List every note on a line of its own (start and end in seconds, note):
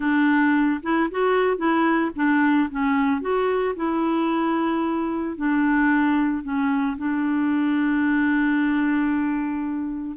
0.00 0.80 D4
0.82 1.09 E4
1.11 1.57 F#4
1.57 2.10 E4
2.15 2.69 D4
2.70 3.21 C#4
3.21 3.75 F#4
3.75 5.36 E4
5.36 6.43 D4
6.43 6.96 C#4
6.97 10.17 D4